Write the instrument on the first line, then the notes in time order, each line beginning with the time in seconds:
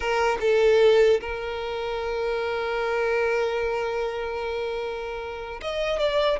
violin
0.00 A#4
0.40 A4
1.20 A#4
5.61 D#5
5.99 D5